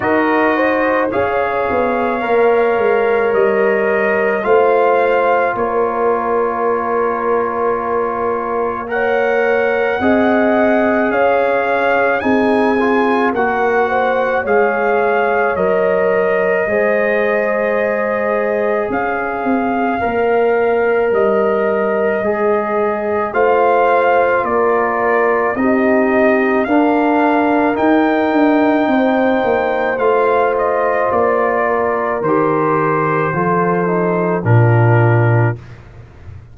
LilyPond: <<
  \new Staff \with { instrumentName = "trumpet" } { \time 4/4 \tempo 4 = 54 dis''4 f''2 dis''4 | f''4 cis''2. | fis''2 f''4 gis''4 | fis''4 f''4 dis''2~ |
dis''4 f''2 dis''4~ | dis''4 f''4 d''4 dis''4 | f''4 g''2 f''8 dis''8 | d''4 c''2 ais'4 | }
  \new Staff \with { instrumentName = "horn" } { \time 4/4 ais'8 c''8 cis''2. | c''4 ais'2. | cis''4 dis''4 cis''4 gis'4 | ais'8 c''8 cis''2 c''4~ |
c''4 cis''2.~ | cis''4 c''4 ais'4 g'4 | ais'2 c''2~ | c''8 ais'4. a'4 f'4 | }
  \new Staff \with { instrumentName = "trombone" } { \time 4/4 fis'4 gis'4 ais'2 | f'1 | ais'4 gis'2 dis'8 f'8 | fis'4 gis'4 ais'4 gis'4~ |
gis'2 ais'2 | gis'4 f'2 dis'4 | d'4 dis'2 f'4~ | f'4 g'4 f'8 dis'8 d'4 | }
  \new Staff \with { instrumentName = "tuba" } { \time 4/4 dis'4 cis'8 b8 ais8 gis8 g4 | a4 ais2.~ | ais4 c'4 cis'4 c'4 | ais4 gis4 fis4 gis4~ |
gis4 cis'8 c'8 ais4 g4 | gis4 a4 ais4 c'4 | d'4 dis'8 d'8 c'8 ais8 a4 | ais4 dis4 f4 ais,4 | }
>>